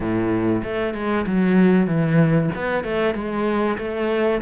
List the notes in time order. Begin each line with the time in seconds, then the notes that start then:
0.00 A2
0.63 A3
0.94 G#3
1.26 F#3
1.86 E3
2.55 B3
2.83 A3
3.14 G#3
3.78 A3